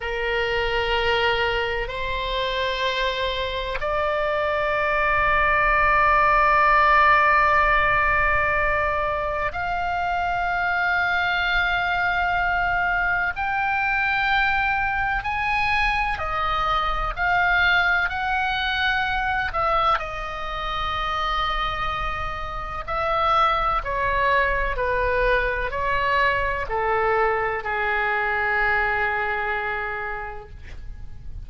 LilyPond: \new Staff \with { instrumentName = "oboe" } { \time 4/4 \tempo 4 = 63 ais'2 c''2 | d''1~ | d''2 f''2~ | f''2 g''2 |
gis''4 dis''4 f''4 fis''4~ | fis''8 e''8 dis''2. | e''4 cis''4 b'4 cis''4 | a'4 gis'2. | }